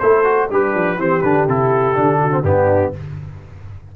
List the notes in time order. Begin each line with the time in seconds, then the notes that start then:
0.00 A3 E4 A4 C5
0.24 F#4
0.51 G3 D4 G4 B4
0.75 F3
0.97 E3 C4 G4 C5
1.22 D3 D4 B4
1.48 C3 E4 A4
1.95 D3 D4
2.22 F#4
2.31 C4
2.43 G2 B3 D4 G4